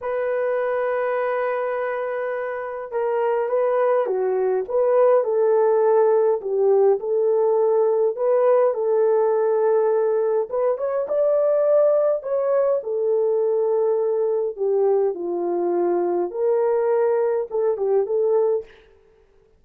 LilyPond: \new Staff \with { instrumentName = "horn" } { \time 4/4 \tempo 4 = 103 b'1~ | b'4 ais'4 b'4 fis'4 | b'4 a'2 g'4 | a'2 b'4 a'4~ |
a'2 b'8 cis''8 d''4~ | d''4 cis''4 a'2~ | a'4 g'4 f'2 | ais'2 a'8 g'8 a'4 | }